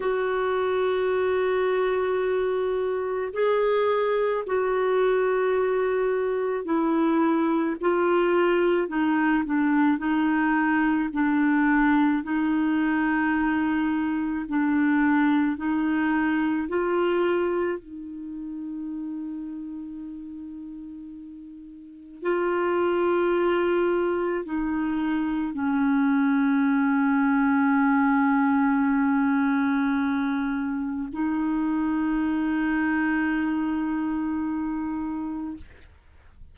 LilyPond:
\new Staff \with { instrumentName = "clarinet" } { \time 4/4 \tempo 4 = 54 fis'2. gis'4 | fis'2 e'4 f'4 | dis'8 d'8 dis'4 d'4 dis'4~ | dis'4 d'4 dis'4 f'4 |
dis'1 | f'2 dis'4 cis'4~ | cis'1 | dis'1 | }